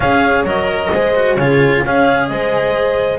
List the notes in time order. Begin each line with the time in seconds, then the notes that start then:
0.00 C#4 G#4 C#5 F5
0.43 F#3 A#4 D#5
0.91 G#3 G#4 C5
1.15 F#4
1.36 C#3 F4 G#4 C#5
1.84 C#4 G#4 C#5 F5
2.27 G#3 C5 D#5